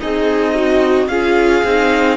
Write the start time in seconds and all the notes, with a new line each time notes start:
0.00 C4 D#4 G#4 D#5
0.55 F#4
1.08 C#4 F4 G#4 F5
1.64 C4 D#4